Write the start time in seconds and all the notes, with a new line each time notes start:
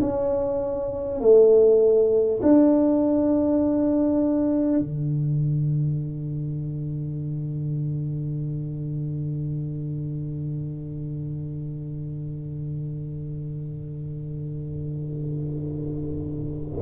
0.00 C#4
1.20 A3
2.42 D4
4.79 D3